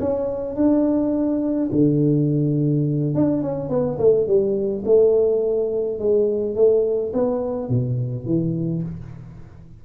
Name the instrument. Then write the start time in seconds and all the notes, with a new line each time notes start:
tuba
0.00 C#4
0.55 D4
1.72 D3
3.14 D4
3.42 C#4
3.69 B3
3.99 A3
4.26 G3
4.85 A3
5.99 G#3
6.55 A3
7.13 B3
7.69 B2
8.25 E3